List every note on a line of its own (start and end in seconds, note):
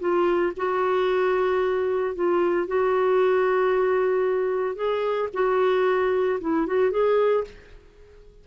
0.00 0.53 F4
0.57 2.15 F#4
2.15 2.68 F4
2.68 4.76 F#4
4.76 5.29 G#4
5.34 6.40 F#4
6.41 6.67 E4
6.67 6.91 F#4
6.91 7.45 G#4